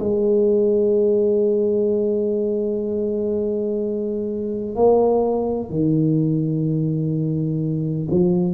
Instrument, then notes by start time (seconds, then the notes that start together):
tuba
0.00 G#3
4.76 A#3
5.70 D#3
8.11 F3